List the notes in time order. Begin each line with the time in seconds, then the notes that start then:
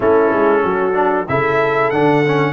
0.00 A3 C#4 E4 A4
0.33 G#3
0.63 F#3 F#4
0.93 D4
1.28 C#3 E4 A4 E5
1.90 D3 D4 F#5
2.26 C#4